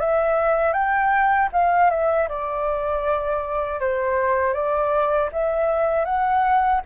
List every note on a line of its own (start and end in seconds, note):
0.00 0.73 E5
0.73 1.49 G5
1.53 1.91 F5
1.91 2.29 E5
2.29 3.80 D5
3.80 4.54 C5
4.54 5.30 D5
5.32 6.05 E5
6.05 6.81 F#5